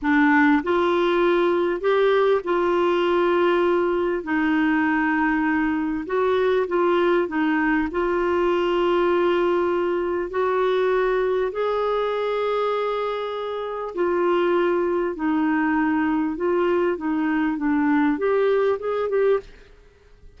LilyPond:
\new Staff \with { instrumentName = "clarinet" } { \time 4/4 \tempo 4 = 99 d'4 f'2 g'4 | f'2. dis'4~ | dis'2 fis'4 f'4 | dis'4 f'2.~ |
f'4 fis'2 gis'4~ | gis'2. f'4~ | f'4 dis'2 f'4 | dis'4 d'4 g'4 gis'8 g'8 | }